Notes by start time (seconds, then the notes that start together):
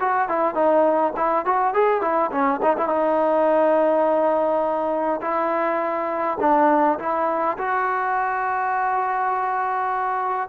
0.00 F#4
0.29 E4
0.54 D#4
1.17 E4
1.45 F#4
1.73 G#4
2.01 E4
2.31 C#4
2.62 D#4
2.77 E4
2.88 D#4
5.21 E4
6.40 D4
6.99 E4
7.58 F#4